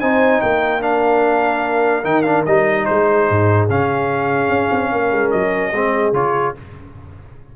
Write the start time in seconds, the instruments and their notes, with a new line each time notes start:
0.00 tuba C4, trombone D#4, horn C5, trumpet G#5
0.41 tuba A#3, horn A#4, trumpet G5
0.81 trombone D4, trumpet F5
2.03 tuba D#3, trombone D#4, trumpet G5
2.22 trombone D4, trumpet F5
2.45 tuba G3, trombone D#4, trumpet D#5
2.85 tuba G#3, horn G#4, trumpet C5
3.30 tuba G#2
3.69 tuba C#3, trombone C#4, trumpet F5
4.49 tuba C#4
4.71 tuba C4
4.91 tuba A#3, horn A#4
5.12 tuba G#3
5.31 tuba F#3, trumpet D#5
5.72 tuba G#3, trombone C4, horn G#4
6.12 tuba C#3, trombone F4, trumpet C#5